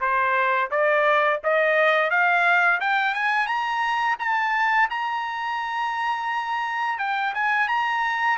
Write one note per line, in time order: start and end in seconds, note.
0.00 0.70 C5
0.70 1.40 D5
1.43 2.10 D#5
2.10 2.80 F5
2.80 3.14 G5
3.14 3.46 G#5
3.46 4.16 A#5
4.19 4.89 A5
4.90 6.98 A#5
6.98 7.33 G5
7.34 7.68 G#5
7.68 8.38 A#5